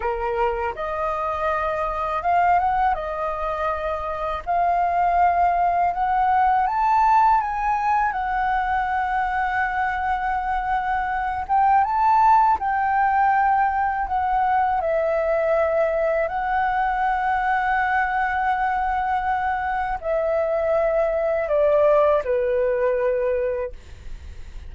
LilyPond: \new Staff \with { instrumentName = "flute" } { \time 4/4 \tempo 4 = 81 ais'4 dis''2 f''8 fis''8 | dis''2 f''2 | fis''4 a''4 gis''4 fis''4~ | fis''2.~ fis''8 g''8 |
a''4 g''2 fis''4 | e''2 fis''2~ | fis''2. e''4~ | e''4 d''4 b'2 | }